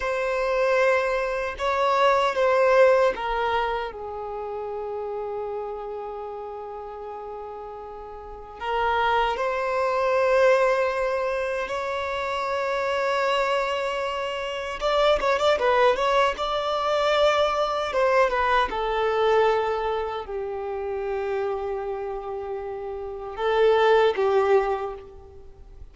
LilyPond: \new Staff \with { instrumentName = "violin" } { \time 4/4 \tempo 4 = 77 c''2 cis''4 c''4 | ais'4 gis'2.~ | gis'2. ais'4 | c''2. cis''4~ |
cis''2. d''8 cis''16 d''16 | b'8 cis''8 d''2 c''8 b'8 | a'2 g'2~ | g'2 a'4 g'4 | }